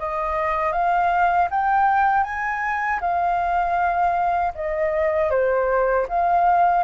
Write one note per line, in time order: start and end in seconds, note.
0.00 0.73 D#5
0.73 1.49 F5
1.51 2.24 G5
2.24 3.00 G#5
3.01 4.53 F5
4.55 5.31 D#5
5.31 6.07 C5
6.09 6.84 F5